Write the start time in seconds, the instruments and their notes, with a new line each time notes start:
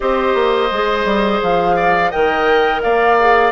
0.00 bassoon C4, clarinet G4, oboe C5, flute D#5
0.34 bassoon A#3
0.71 bassoon G#3, clarinet G#4
1.05 bassoon G3
1.42 bassoon F3, flute F5
1.76 oboe D5
2.10 bassoon D#3, clarinet A#4, oboe D#5, flute G5
2.81 bassoon A#3, oboe D5, flute F5
3.19 clarinet G#4